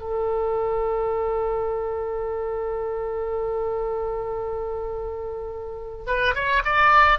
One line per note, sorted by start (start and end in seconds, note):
0.00 6.06 A4
6.07 6.34 B4
6.35 6.62 C#5
6.65 7.19 D5